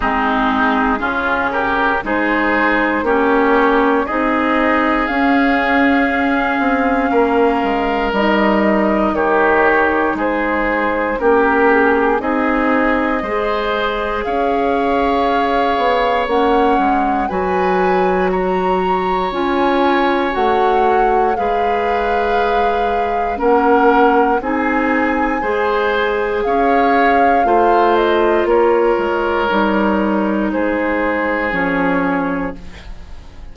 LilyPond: <<
  \new Staff \with { instrumentName = "flute" } { \time 4/4 \tempo 4 = 59 gis'4. ais'8 c''4 cis''4 | dis''4 f''2. | dis''4 cis''4 c''4 ais'8 gis'8 | dis''2 f''2 |
fis''4 gis''4 ais''4 gis''4 | fis''4 f''2 fis''4 | gis''2 f''4. dis''8 | cis''2 c''4 cis''4 | }
  \new Staff \with { instrumentName = "oboe" } { \time 4/4 dis'4 f'8 g'8 gis'4 g'4 | gis'2. ais'4~ | ais'4 g'4 gis'4 g'4 | gis'4 c''4 cis''2~ |
cis''4 b'4 cis''2~ | cis''4 b'2 ais'4 | gis'4 c''4 cis''4 c''4 | ais'2 gis'2 | }
  \new Staff \with { instrumentName = "clarinet" } { \time 4/4 c'4 cis'4 dis'4 cis'4 | dis'4 cis'2. | dis'2. cis'4 | dis'4 gis'2. |
cis'4 fis'2 f'4 | fis'4 gis'2 cis'4 | dis'4 gis'2 f'4~ | f'4 dis'2 cis'4 | }
  \new Staff \with { instrumentName = "bassoon" } { \time 4/4 gis4 cis4 gis4 ais4 | c'4 cis'4. c'8 ais8 gis8 | g4 dis4 gis4 ais4 | c'4 gis4 cis'4. b8 |
ais8 gis8 fis2 cis'4 | a4 gis2 ais4 | c'4 gis4 cis'4 a4 | ais8 gis8 g4 gis4 f4 | }
>>